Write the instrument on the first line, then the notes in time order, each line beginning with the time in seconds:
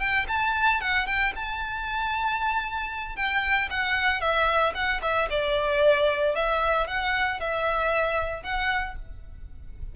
violin
0.00 G5
0.29 A5
0.81 F#5
1.07 G5
1.36 A5
3.17 G5
3.71 F#5
4.21 E5
4.75 F#5
5.03 E5
5.31 D5
6.36 E5
6.88 F#5
7.40 E5
8.43 F#5